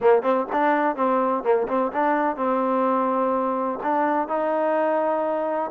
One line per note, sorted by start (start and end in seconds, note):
0.01 0.22 A#3
0.22 0.46 C4
0.52 0.95 D4
0.95 1.43 C4
1.43 1.67 A#3
1.68 1.91 C4
1.92 2.36 D4
2.36 3.79 C4
3.83 4.27 D4
4.27 5.70 D#4